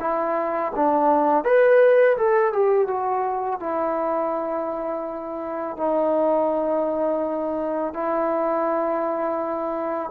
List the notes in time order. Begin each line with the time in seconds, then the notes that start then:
0.00 E4
0.76 D4
1.44 B4
2.17 A4
2.52 G4
2.88 F#4
3.59 E4
5.77 D#4
7.93 E4